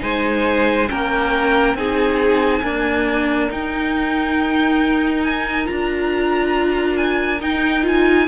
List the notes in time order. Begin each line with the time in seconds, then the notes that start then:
0.00 G#3 D#4 C5 G#5
0.89 A#3 C#4 A#4 G5
1.74 C4 D#4 G#4 G#5
2.62 A#3 D4 A#4
3.50 D#4 G5
5.24 G#5
5.65 D4 F4 A#5
6.97 G#5
7.41 D#4 G5
7.82 F4 G#5